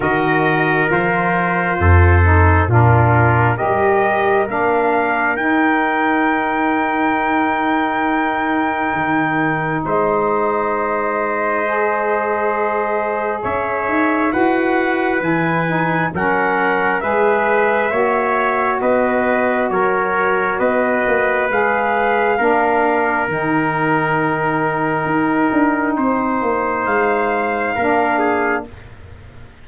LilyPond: <<
  \new Staff \with { instrumentName = "trumpet" } { \time 4/4 \tempo 4 = 67 dis''4 c''2 ais'4 | dis''4 f''4 g''2~ | g''2. dis''4~ | dis''2. e''4 |
fis''4 gis''4 fis''4 e''4~ | e''4 dis''4 cis''4 dis''4 | f''2 g''2~ | g''2 f''2 | }
  \new Staff \with { instrumentName = "trumpet" } { \time 4/4 ais'2 a'4 f'4 | ais'1~ | ais'2. c''4~ | c''2. cis''4 |
b'2 ais'4 b'4 | cis''4 b'4 ais'4 b'4~ | b'4 ais'2.~ | ais'4 c''2 ais'8 gis'8 | }
  \new Staff \with { instrumentName = "saxophone" } { \time 4/4 fis'4 f'4. dis'8 d'4 | g'4 d'4 dis'2~ | dis'1~ | dis'4 gis'2. |
fis'4 e'8 dis'8 cis'4 gis'4 | fis'1 | gis'4 d'4 dis'2~ | dis'2. d'4 | }
  \new Staff \with { instrumentName = "tuba" } { \time 4/4 dis4 f4 f,4 ais,4 | g4 ais4 dis'2~ | dis'2 dis4 gis4~ | gis2. cis'8 dis'8 |
e'4 e4 fis4 gis4 | ais4 b4 fis4 b8 ais8 | gis4 ais4 dis2 | dis'8 d'8 c'8 ais8 gis4 ais4 | }
>>